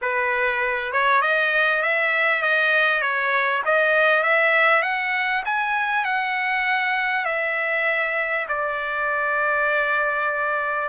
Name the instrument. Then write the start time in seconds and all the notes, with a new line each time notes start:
trumpet
0.01 B4
0.92 C#5
1.21 D#5
1.82 E5
2.42 D#5
3.01 C#5
3.65 D#5
4.23 E5
4.82 F#5
5.45 G#5
6.04 F#5
7.25 E5
8.48 D5